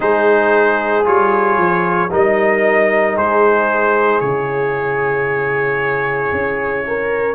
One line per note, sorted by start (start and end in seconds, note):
0.00 1.06 G#3
0.00 1.04 D#4
0.00 2.10 G#4
0.00 1.05 C5
1.04 1.57 G3
1.04 2.09 F4
1.04 2.11 C#5
1.57 2.10 F3
2.11 3.17 G3
2.11 4.21 D#4
2.11 3.16 A#4
2.11 3.17 D#5
3.16 4.21 G#3
3.16 6.84 G#4
3.16 4.20 C5
4.20 6.31 C#3
4.20 7.34 E4
4.20 7.34 C#5
6.32 7.34 C#4
6.87 7.34 A#4